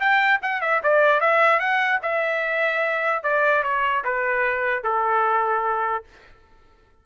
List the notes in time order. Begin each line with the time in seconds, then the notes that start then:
0.00 G5
0.42 F#5
0.62 E5
0.83 D5
1.20 E5
1.60 F#5
2.02 E5
3.23 D5
3.64 C#5
4.04 B4
4.84 A4